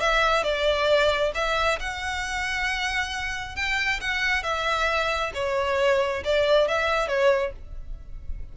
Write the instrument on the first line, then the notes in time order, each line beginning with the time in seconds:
violin
0.00 E5
0.43 D5
1.35 E5
1.79 F#5
3.56 G5
4.01 F#5
4.43 E5
5.34 C#5
6.24 D5
6.68 E5
7.08 C#5